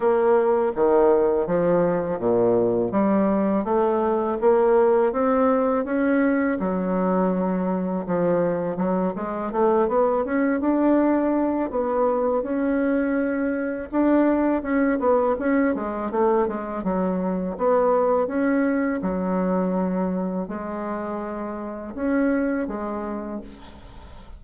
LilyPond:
\new Staff \with { instrumentName = "bassoon" } { \time 4/4 \tempo 4 = 82 ais4 dis4 f4 ais,4 | g4 a4 ais4 c'4 | cis'4 fis2 f4 | fis8 gis8 a8 b8 cis'8 d'4. |
b4 cis'2 d'4 | cis'8 b8 cis'8 gis8 a8 gis8 fis4 | b4 cis'4 fis2 | gis2 cis'4 gis4 | }